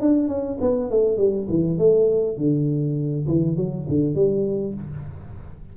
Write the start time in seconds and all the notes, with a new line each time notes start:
0.00 D4
0.28 C#4
0.60 B3
0.90 A3
1.17 G3
1.49 E3
1.78 A3
2.37 D3
3.27 E3
3.56 F#3
3.88 D3
4.14 G3